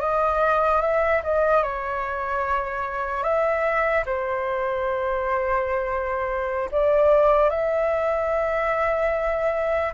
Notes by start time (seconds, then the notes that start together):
0.00 D#5
0.81 E5
1.23 D#5
1.63 C#5
3.23 E5
4.05 C5
6.71 D5
7.50 E5